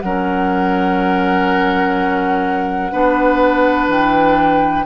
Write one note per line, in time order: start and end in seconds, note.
0.00 2.92 F#3
0.00 2.92 C#4
0.00 2.92 A#4
0.00 3.87 F#5
2.92 3.88 B3
2.92 4.86 D4
2.92 4.85 B4
3.88 4.85 E3
3.88 4.86 G5